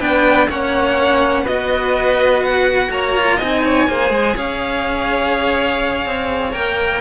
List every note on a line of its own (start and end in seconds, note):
0.00 0.49 B3
0.00 0.48 D4
0.00 0.48 B4
0.00 0.49 G5
0.49 1.43 A#3
0.49 1.47 C#4
0.49 1.44 C#5
0.49 1.47 F#5
1.43 2.89 B3
1.43 3.17 F#4
1.43 2.89 B4
1.43 2.44 D#5
2.44 2.92 F#5
2.90 3.39 A#3
2.90 3.37 C#5
2.90 3.40 A#5
3.17 3.41 F4
3.37 3.88 C4
3.37 3.89 D#4
3.37 3.62 D#5
3.37 4.37 G#5
3.65 3.89 C#5
3.89 4.10 A#3
3.89 6.53 G#4
3.89 4.36 C5
4.10 4.34 G#3
4.36 6.06 C#4
4.36 7.01 C#5
4.36 6.54 F5
6.06 6.54 C4
6.53 7.01 A#3
6.53 7.01 A#4
6.53 7.01 G5